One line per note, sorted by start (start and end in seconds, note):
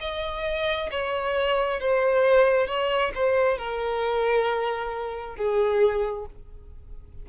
0.00 0.90 D#5
0.91 1.80 C#5
1.80 2.67 C5
2.67 3.12 C#5
3.15 3.57 C5
3.57 5.36 A#4
5.36 6.26 G#4